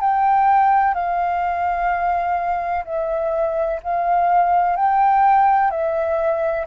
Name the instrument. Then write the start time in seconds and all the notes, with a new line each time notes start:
flute
0.00 G5
0.94 F5
2.85 E5
3.83 F5
4.76 G5
5.71 E5